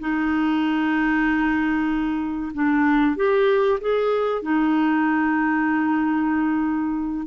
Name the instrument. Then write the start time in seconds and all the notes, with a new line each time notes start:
clarinet
0.00 D#4
2.54 D4
3.17 G4
3.81 G#4
4.43 D#4